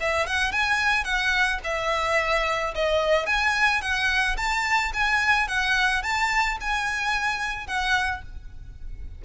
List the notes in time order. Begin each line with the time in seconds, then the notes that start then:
0.00 E5
0.27 F#5
0.52 G#5
1.04 F#5
1.64 E5
2.75 D#5
3.26 G#5
3.81 F#5
4.37 A5
4.94 G#5
5.48 F#5
6.03 A5
6.61 G#5
7.67 F#5